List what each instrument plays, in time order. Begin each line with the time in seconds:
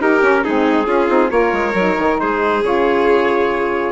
0.00 bassoon D#4, saxophone D#4, violin G4, trumpet A#4
0.21 saxophone C#4, bassoon C#4
0.44 bassoon G#3, saxophone C4, violin D#4, trumpet G#4
0.86 bassoon C#4, saxophone C#4, violin F4
1.08 bassoon C4, saxophone D#4
1.29 bassoon A#3, saxophone F4, violin A#4, trumpet C#5
1.53 bassoon G#3
1.74 bassoon F#3, saxophone D#4
1.98 bassoon D#3
2.20 bassoon G#3, violin G#4, trumpet C5
2.63 bassoon C#3, saxophone F4, trumpet C#5